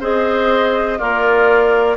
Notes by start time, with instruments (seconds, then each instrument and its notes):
0.00 bassoon C4, clarinet G#4, oboe C5, flute D#5
0.98 bassoon A#3, oboe F4, clarinet A#4, flute D5